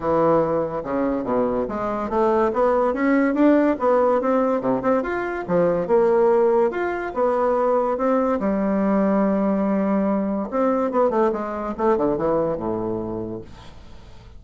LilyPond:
\new Staff \with { instrumentName = "bassoon" } { \time 4/4 \tempo 4 = 143 e2 cis4 b,4 | gis4 a4 b4 cis'4 | d'4 b4 c'4 c8 c'8 | f'4 f4 ais2 |
f'4 b2 c'4 | g1~ | g4 c'4 b8 a8 gis4 | a8 d8 e4 a,2 | }